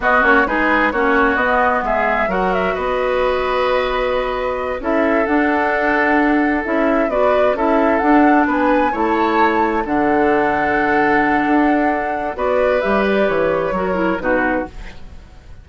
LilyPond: <<
  \new Staff \with { instrumentName = "flute" } { \time 4/4 \tempo 4 = 131 dis''8 cis''8 b'4 cis''4 dis''4 | e''4 fis''8 e''8 dis''2~ | dis''2~ dis''8 e''4 fis''8~ | fis''2~ fis''8 e''4 d''8~ |
d''8 e''4 fis''4 gis''4 a''8~ | a''4. fis''2~ fis''8~ | fis''2. d''4 | e''8 d''8 cis''2 b'4 | }
  \new Staff \with { instrumentName = "oboe" } { \time 4/4 fis'4 gis'4 fis'2 | gis'4 ais'4 b'2~ | b'2~ b'8 a'4.~ | a'2.~ a'8 b'8~ |
b'8 a'2 b'4 cis''8~ | cis''4. a'2~ a'8~ | a'2. b'4~ | b'2 ais'4 fis'4 | }
  \new Staff \with { instrumentName = "clarinet" } { \time 4/4 b8 cis'8 dis'4 cis'4 b4~ | b4 fis'2.~ | fis'2~ fis'8 e'4 d'8~ | d'2~ d'8 e'4 fis'8~ |
fis'8 e'4 d'2 e'8~ | e'4. d'2~ d'8~ | d'2. fis'4 | g'2 fis'8 e'8 dis'4 | }
  \new Staff \with { instrumentName = "bassoon" } { \time 4/4 b8 ais8 gis4 ais4 b4 | gis4 fis4 b2~ | b2~ b8 cis'4 d'8~ | d'2~ d'8 cis'4 b8~ |
b8 cis'4 d'4 b4 a8~ | a4. d2~ d8~ | d4 d'2 b4 | g4 e4 fis4 b,4 | }
>>